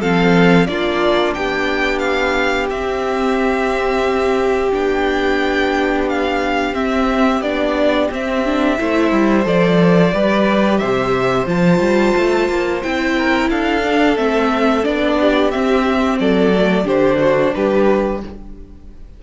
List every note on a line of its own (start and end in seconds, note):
0.00 0.69 F3
0.00 0.69 C4
0.00 0.67 A4
0.00 0.66 F5
0.66 1.36 A#3
0.66 2.71 D4
0.66 1.37 F4
0.66 1.34 D5
1.34 2.70 B3
1.34 8.79 G4
1.34 1.99 G5
1.99 2.67 F5
2.70 4.72 C4
2.70 4.72 E5
4.72 6.74 B3
4.72 6.73 D4
4.72 6.09 G5
6.09 6.75 F5
6.73 7.41 C4
6.73 7.42 E5
7.41 8.09 B3
7.41 8.11 D4
7.41 8.09 D5
8.11 8.78 C4
8.11 8.46 C4
8.11 9.47 E5
8.46 8.78 D4
8.78 9.12 A3
8.78 9.44 E4
8.78 10.14 C5
9.12 9.46 G3
9.44 10.13 F3
9.44 10.11 A4
9.44 10.78 D5
10.14 10.82 G3
10.14 11.46 G4
10.14 10.80 B4
10.78 11.46 C3
10.78 13.16 C5
10.78 11.45 E5
11.46 11.79 F3
11.46 12.81 F4
11.46 12.83 A5
11.79 12.13 G3
12.17 12.49 A3
12.49 12.83 A#3
12.83 13.50 C4
12.83 13.83 E4
12.83 13.50 G5
13.18 13.50 A#4
13.50 14.18 D4
13.50 15.19 A4
13.50 14.18 F5
13.83 14.16 D4
14.18 14.85 A3
14.18 14.84 C4
14.18 14.84 E5
14.84 15.54 B3
14.84 15.51 D4
14.84 15.51 D5
15.19 16.20 G4
15.51 16.54 C4
15.51 16.20 C4
15.51 16.18 E5
16.20 16.85 F#3
16.20 16.85 A4
16.20 16.87 D5
16.54 16.85 A3
16.85 17.52 D3
16.85 18.20 D4
16.85 17.19 G4
16.85 17.55 C5
17.21 17.54 F#4
17.55 18.23 G3
17.55 18.23 G4
17.55 18.22 B4